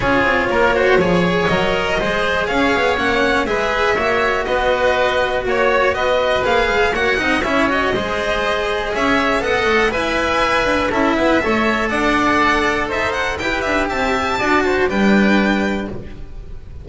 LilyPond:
<<
  \new Staff \with { instrumentName = "violin" } { \time 4/4 \tempo 4 = 121 cis''2. dis''4~ | dis''4 f''4 fis''4 e''4~ | e''4 dis''2 cis''4 | dis''4 f''4 fis''4 e''8 dis''8~ |
dis''2 e''4 fis''4 | gis''2 e''2 | fis''2 e''8 fis''8 g''8 e''8 | a''2 g''2 | }
  \new Staff \with { instrumentName = "oboe" } { \time 4/4 gis'4 ais'8 c''8 cis''2 | c''4 cis''2 b'4 | cis''4 b'2 cis''4 | b'2 cis''8 dis''8 cis''4 |
c''2 cis''4 dis''4 | e''2 a'8 b'8 cis''4 | d''2 c''4 b'4 | e''4 d''8 c''8 b'2 | }
  \new Staff \with { instrumentName = "cello" } { \time 4/4 f'4. fis'8 gis'4 ais'4 | gis'2 cis'4 gis'4 | fis'1~ | fis'4 gis'4 fis'8 dis'8 e'8 fis'8 |
gis'2. a'4 | b'2 e'4 a'4~ | a'2. g'4~ | g'4 fis'4 d'2 | }
  \new Staff \with { instrumentName = "double bass" } { \time 4/4 cis'8 c'8 ais4 f4 fis4 | gis4 cis'8 b8 ais4 gis4 | ais4 b2 ais4 | b4 ais8 gis8 ais8 c'8 cis'4 |
gis2 cis'4 b8 a8 | e'4. d'8 cis'8 b8 a4 | d'2 dis'4 e'8 d'8 | c'4 d'4 g2 | }
>>